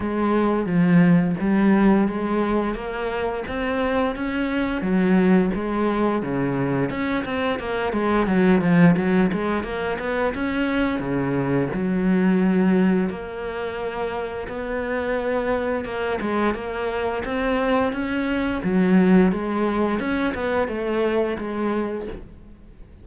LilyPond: \new Staff \with { instrumentName = "cello" } { \time 4/4 \tempo 4 = 87 gis4 f4 g4 gis4 | ais4 c'4 cis'4 fis4 | gis4 cis4 cis'8 c'8 ais8 gis8 | fis8 f8 fis8 gis8 ais8 b8 cis'4 |
cis4 fis2 ais4~ | ais4 b2 ais8 gis8 | ais4 c'4 cis'4 fis4 | gis4 cis'8 b8 a4 gis4 | }